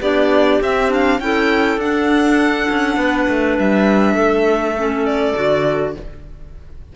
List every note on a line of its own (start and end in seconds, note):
0.00 0.59 B3
0.00 0.62 D4
0.00 1.20 G4
0.00 0.61 D5
0.61 1.19 C4
0.61 0.89 C4
0.61 0.92 E5
0.89 1.19 D4
0.89 1.20 F5
1.19 1.77 C#4
1.19 1.79 E4
1.19 2.98 A4
1.19 1.79 G5
1.77 2.66 D4
1.77 4.76 D4
1.77 3.59 F#5
2.70 2.96 C#4
2.96 3.26 B3
2.96 4.15 B4
3.28 3.58 A3
3.59 4.14 G3
3.59 5.05 E5
4.14 5.33 A3
4.14 5.94 A4
4.76 5.35 C#4
5.05 5.94 D5
5.35 5.96 D3
5.35 5.94 F#4